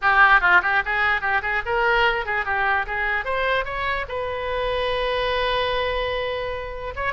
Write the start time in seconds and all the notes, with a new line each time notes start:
0.01 G4
0.40 F4
0.62 G4
0.85 G#4
1.21 G4
1.42 G#4
1.65 A#4
2.25 G#4
2.45 G4
2.86 G#4
3.24 C5
3.64 C#5
4.08 B4
6.95 C#5